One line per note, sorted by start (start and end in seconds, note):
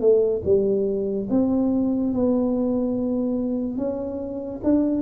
0.00 0.42 A3
0.44 1.28 G3
1.30 2.13 C4
2.13 3.77 B3
3.77 4.61 C#4
4.64 5.02 D4